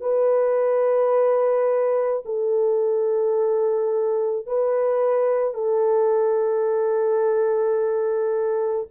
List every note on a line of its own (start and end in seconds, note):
0.00 2.22 B4
2.25 4.46 A4
4.46 5.54 B4
5.54 8.87 A4